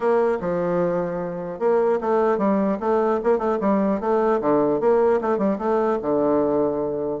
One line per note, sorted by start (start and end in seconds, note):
0.00 0.38 A#3
0.40 1.59 F3
1.59 1.99 A#3
2.01 2.37 A3
2.37 2.77 G3
2.80 3.20 A3
3.23 3.38 A#3
3.38 3.58 A3
3.60 4.00 G3
4.00 4.40 A3
4.40 4.80 D3
4.80 5.20 A#3
5.21 5.37 A3
5.37 5.57 G3
5.58 5.98 A3
6.01 7.20 D3